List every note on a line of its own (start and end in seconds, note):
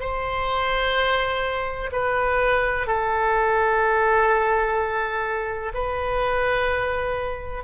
0.00 1.90 C5
1.92 2.87 B4
2.87 5.73 A4
5.74 7.64 B4